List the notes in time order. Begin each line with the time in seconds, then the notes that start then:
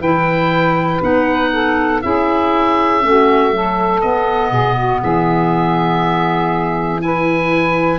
0.00 E3 E4 B4 G5
1.02 B3 D#4 F#5
1.53 A4
2.02 C#4 E4 G#4 E5
3.02 A3 C#4 F#4
3.51 F#3 A4
4.01 B3 D#5
4.50 B2 G#4
4.76 F#4
5.01 E3 G#4 E5
7.01 E4 B4 G#5